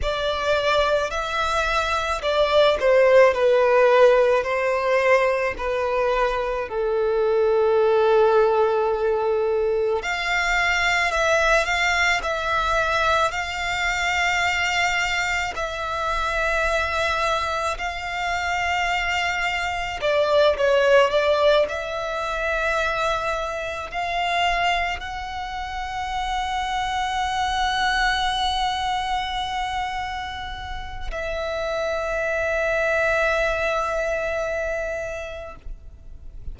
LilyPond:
\new Staff \with { instrumentName = "violin" } { \time 4/4 \tempo 4 = 54 d''4 e''4 d''8 c''8 b'4 | c''4 b'4 a'2~ | a'4 f''4 e''8 f''8 e''4 | f''2 e''2 |
f''2 d''8 cis''8 d''8 e''8~ | e''4. f''4 fis''4.~ | fis''1 | e''1 | }